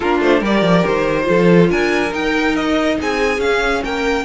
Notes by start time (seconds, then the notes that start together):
0.00 A#3 D4 F4 A#4
0.20 A3 C5
0.39 G3 G4 A#4 D5
0.61 F3
0.86 D#3 C5
1.23 F3 F4 A4
1.69 D4 A#4 G#5
2.11 D#4 G5
2.55 D#5
3.00 C4 G#4 G#5
3.37 C#4 F5
3.83 A#3 A#4 G5